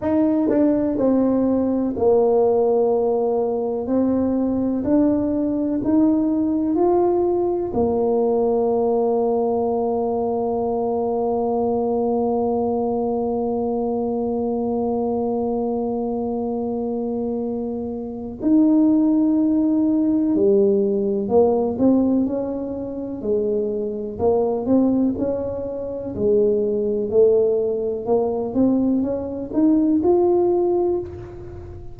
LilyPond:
\new Staff \with { instrumentName = "tuba" } { \time 4/4 \tempo 4 = 62 dis'8 d'8 c'4 ais2 | c'4 d'4 dis'4 f'4 | ais1~ | ais1~ |
ais2. dis'4~ | dis'4 g4 ais8 c'8 cis'4 | gis4 ais8 c'8 cis'4 gis4 | a4 ais8 c'8 cis'8 dis'8 f'4 | }